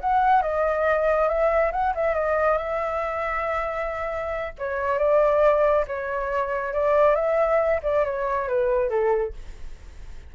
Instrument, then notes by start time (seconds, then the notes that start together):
flute
0.00 F#5
0.42 D#5
1.28 E5
1.72 F#5
1.95 E5
2.14 D#5
2.58 E5
4.58 C#5
4.98 D5
5.87 C#5
6.74 D5
7.15 E5
7.83 D5
8.05 C#5
8.48 B4
8.90 A4